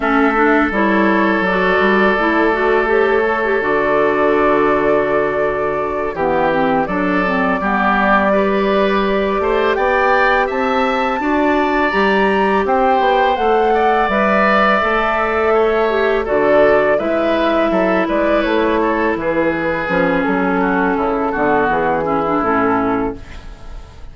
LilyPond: <<
  \new Staff \with { instrumentName = "flute" } { \time 4/4 \tempo 4 = 83 e''4 cis''4 d''2 | cis''4 d''2.~ | d''8 g'4 d''2~ d''8~ | d''4. g''4 a''4.~ |
a''8 ais''4 g''4 fis''4 e''8~ | e''2~ e''8 d''4 e''8~ | e''4 d''8 cis''4 b'4. | a'2 gis'4 a'4 | }
  \new Staff \with { instrumentName = "oboe" } { \time 4/4 a'1~ | a'1~ | a'8 g'4 a'4 g'4 b'8~ | b'4 c''8 d''4 e''4 d''8~ |
d''4. c''4. d''4~ | d''4. cis''4 a'4 b'8~ | b'8 a'8 b'4 a'8 gis'4.~ | gis'8 fis'8 e'8 fis'4 e'4. | }
  \new Staff \with { instrumentName = "clarinet" } { \time 4/4 cis'8 d'8 e'4 fis'4 e'8 fis'8 | g'8 a'16 g'16 fis'2.~ | fis'8 b8 c'8 d'8 c'8 b4 g'8~ | g'2.~ g'8 fis'8~ |
fis'8 g'2 a'4 b'8~ | b'8 a'4. g'8 fis'4 e'8~ | e'2.~ e'8 cis'8~ | cis'4. b4 cis'16 d'16 cis'4 | }
  \new Staff \with { instrumentName = "bassoon" } { \time 4/4 a4 g4 fis8 g8 a4~ | a4 d2.~ | d8 e4 fis4 g4.~ | g4 a8 b4 c'4 d'8~ |
d'8 g4 c'8 b8 a4 g8~ | g8 a2 d4 gis8~ | gis8 fis8 gis8 a4 e4 f8 | fis4 cis8 d8 e4 a,4 | }
>>